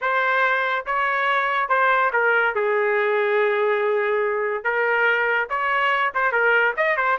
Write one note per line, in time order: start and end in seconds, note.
0.01 0.85 C5
0.86 1.68 C#5
1.68 2.11 C5
2.12 2.55 A#4
2.55 4.64 G#4
4.64 5.48 A#4
5.49 6.12 C#5
6.14 6.31 C5
6.31 6.74 A#4
6.76 6.96 D#5
6.96 7.18 C5